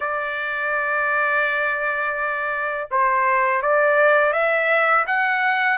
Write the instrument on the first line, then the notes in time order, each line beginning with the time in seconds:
trumpet
0.00 D5
2.90 C5
3.61 D5
4.32 E5
5.06 F#5